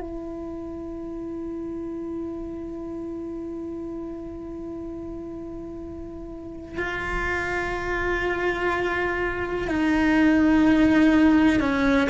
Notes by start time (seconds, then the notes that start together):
0.00 E4
6.77 F4
9.68 D#4
11.60 C#4